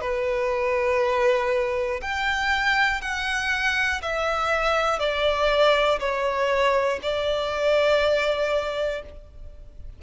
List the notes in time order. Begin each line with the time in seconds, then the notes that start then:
0.00 B4
2.01 G5
3.01 F#5
4.01 E5
4.99 D5
5.99 C#5
7.02 D5